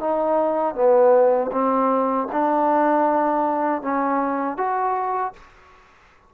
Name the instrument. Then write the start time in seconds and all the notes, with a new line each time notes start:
trombone
0.00 D#4
0.75 B3
1.52 C4
2.32 D4
3.82 C#4
4.57 F#4